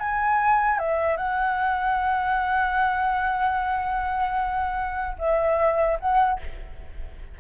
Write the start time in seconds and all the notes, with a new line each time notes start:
0.00 G#5
0.79 E5
1.17 F#5
5.19 E5
6.01 F#5